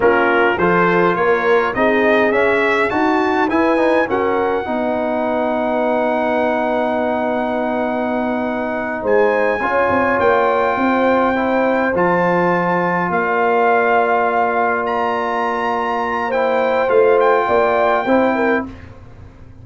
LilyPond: <<
  \new Staff \with { instrumentName = "trumpet" } { \time 4/4 \tempo 4 = 103 ais'4 c''4 cis''4 dis''4 | e''4 a''4 gis''4 fis''4~ | fis''1~ | fis''2.~ fis''8 gis''8~ |
gis''4. g''2~ g''8~ | g''8 a''2 f''4.~ | f''4. ais''2~ ais''8 | g''4 f''8 g''2~ g''8 | }
  \new Staff \with { instrumentName = "horn" } { \time 4/4 f'4 a'4 ais'4 gis'4~ | gis'4 fis'4 b'4 ais'4 | b'1~ | b'2.~ b'8 c''8~ |
c''8 cis''2 c''4.~ | c''2~ c''8 d''4.~ | d''1 | c''2 d''4 c''8 ais'8 | }
  \new Staff \with { instrumentName = "trombone" } { \time 4/4 cis'4 f'2 dis'4 | cis'4 fis'4 e'8 dis'8 cis'4 | dis'1~ | dis'1~ |
dis'8 f'2. e'8~ | e'8 f'2.~ f'8~ | f'1 | e'4 f'2 e'4 | }
  \new Staff \with { instrumentName = "tuba" } { \time 4/4 ais4 f4 ais4 c'4 | cis'4 dis'4 e'4 fis'4 | b1~ | b2.~ b8 gis8~ |
gis8 cis'8 c'8 ais4 c'4.~ | c'8 f2 ais4.~ | ais1~ | ais4 a4 ais4 c'4 | }
>>